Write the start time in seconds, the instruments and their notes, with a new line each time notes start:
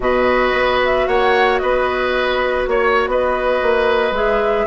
0.00 bassoon B2, clarinet F#4, oboe B4, flute D#5
0.53 bassoon B3
0.84 flute E5
1.07 bassoon A#3, oboe C#5, flute F#5
1.58 bassoon B3, oboe B4, flute D#5
2.67 bassoon A#3, flute C#5, oboe C#5
3.07 bassoon B3, oboe B4, flute D#5
3.62 bassoon A#3
4.11 bassoon G#3, clarinet G#4, flute E5